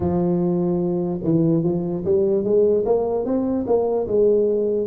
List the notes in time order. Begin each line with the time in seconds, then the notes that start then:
0.00 F3
1.23 E3
1.63 F3
2.05 G3
2.44 G#3
2.85 A#3
3.25 C4
3.66 A#3
4.07 G#3